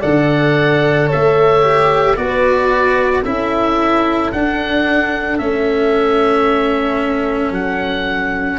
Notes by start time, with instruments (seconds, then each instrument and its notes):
0.00 tuba D3, cello A4, horn D5, oboe F#5
1.07 horn C#5, oboe E5
1.14 tuba A3
1.62 cello G4
2.16 tuba B3, cello F#4, horn B4, oboe D5
3.23 tuba C#4, cello E4, horn A4, oboe E5
4.32 tuba D4, cello D4, oboe F#5
5.38 tuba A3, cello C#4, oboe E5
7.51 tuba F#3, oboe F#5